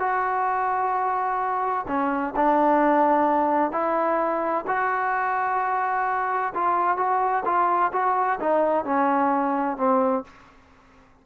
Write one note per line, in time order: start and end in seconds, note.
0.00 1.86 F#4
1.88 2.34 C#4
2.36 3.72 D4
3.72 4.65 E4
4.67 6.53 F#4
6.55 6.97 F4
6.97 7.44 F#4
7.45 7.92 F4
7.93 8.39 F#4
8.40 8.85 D#4
8.85 9.78 C#4
9.78 10.24 C4